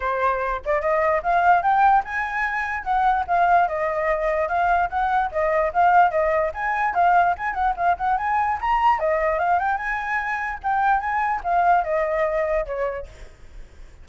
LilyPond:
\new Staff \with { instrumentName = "flute" } { \time 4/4 \tempo 4 = 147 c''4. d''8 dis''4 f''4 | g''4 gis''2 fis''4 | f''4 dis''2 f''4 | fis''4 dis''4 f''4 dis''4 |
gis''4 f''4 gis''8 fis''8 f''8 fis''8 | gis''4 ais''4 dis''4 f''8 g''8 | gis''2 g''4 gis''4 | f''4 dis''2 cis''4 | }